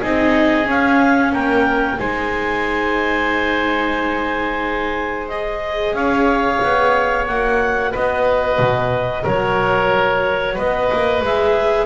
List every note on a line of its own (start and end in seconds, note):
0.00 0.66 C4
0.00 0.64 D#4
0.00 1.32 G#4
0.00 0.67 D#5
0.64 1.96 C#4
0.64 1.32 C#4
0.64 1.33 F5
1.32 1.98 A#3
1.32 1.98 A#4
1.32 1.99 G5
1.99 5.93 G#3
1.99 5.28 D#4
1.99 5.95 C5
1.99 5.28 G#5
5.28 7.28 G#4
5.28 5.94 D#5
5.93 6.59 C#4
5.93 7.91 C#5
5.93 7.26 F5
6.62 7.28 B3
7.27 7.94 A#3
7.27 11.23 F#4
7.27 7.93 F#5
7.91 8.58 B3
7.91 9.23 B4
7.91 9.26 D#5
8.58 9.24 B2
9.23 10.58 F#3
9.23 10.54 A#4
9.23 10.57 C#5
10.54 10.91 B3
10.54 11.86 B4
10.54 11.23 D#5
10.92 11.21 A#3
11.21 11.86 G#3
11.21 11.86 G#4
11.21 11.86 E5